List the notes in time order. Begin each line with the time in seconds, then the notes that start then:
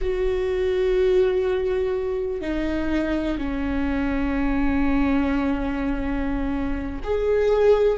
0.01 F#4
2.41 D#4
3.38 C#4
7.03 G#4